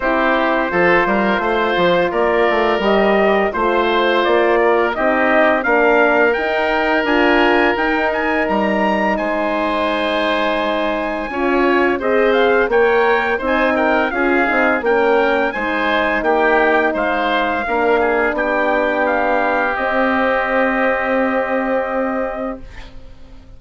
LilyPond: <<
  \new Staff \with { instrumentName = "trumpet" } { \time 4/4 \tempo 4 = 85 c''2. d''4 | dis''4 c''4 d''4 dis''4 | f''4 g''4 gis''4 g''8 gis''8 | ais''4 gis''2.~ |
gis''4 dis''8 f''8 g''4 gis''8 g''8 | f''4 g''4 gis''4 g''4 | f''2 g''4 f''4 | dis''1 | }
  \new Staff \with { instrumentName = "oboe" } { \time 4/4 g'4 a'8 ais'8 c''4 ais'4~ | ais'4 c''4. ais'8 g'4 | ais'1~ | ais'4 c''2. |
cis''4 c''4 cis''4 c''8 ais'8 | gis'4 ais'4 c''4 g'4 | c''4 ais'8 gis'8 g'2~ | g'1 | }
  \new Staff \with { instrumentName = "horn" } { \time 4/4 e'4 f'2. | g'4 f'2 dis'4 | d'4 dis'4 f'4 dis'4~ | dis'1 |
f'4 gis'4 ais'4 dis'4 | f'8 dis'8 cis'4 dis'2~ | dis'4 d'2. | c'1 | }
  \new Staff \with { instrumentName = "bassoon" } { \time 4/4 c'4 f8 g8 a8 f8 ais8 a8 | g4 a4 ais4 c'4 | ais4 dis'4 d'4 dis'4 | g4 gis2. |
cis'4 c'4 ais4 c'4 | cis'8 c'8 ais4 gis4 ais4 | gis4 ais4 b2 | c'1 | }
>>